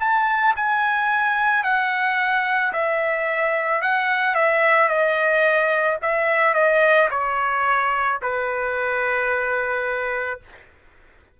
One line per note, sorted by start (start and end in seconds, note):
0.00 0.55 A5
0.56 1.64 G#5
1.64 2.73 F#5
2.73 3.82 E5
3.82 4.35 F#5
4.35 4.88 E5
4.88 5.98 D#5
6.02 6.54 E5
6.54 7.09 D#5
7.10 8.19 C#5
8.22 10.40 B4